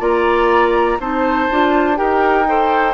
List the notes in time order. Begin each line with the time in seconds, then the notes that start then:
0.00 A#3 F4 D5 A#5
1.00 C4 D#4 C5 A5
1.51 D4 F4
1.96 D#4 G4 A#4 G5
2.48 A4 C5